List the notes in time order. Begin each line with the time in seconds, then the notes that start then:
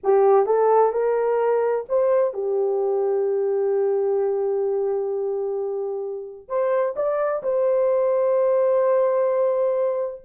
0.03 G4
0.45 A4
0.92 A#4
1.89 C5
2.33 G4
6.48 C5
6.96 D5
7.42 C5